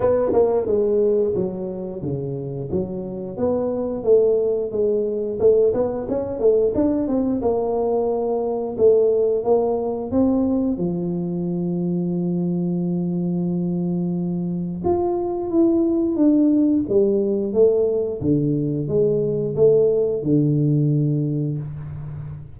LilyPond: \new Staff \with { instrumentName = "tuba" } { \time 4/4 \tempo 4 = 89 b8 ais8 gis4 fis4 cis4 | fis4 b4 a4 gis4 | a8 b8 cis'8 a8 d'8 c'8 ais4~ | ais4 a4 ais4 c'4 |
f1~ | f2 f'4 e'4 | d'4 g4 a4 d4 | gis4 a4 d2 | }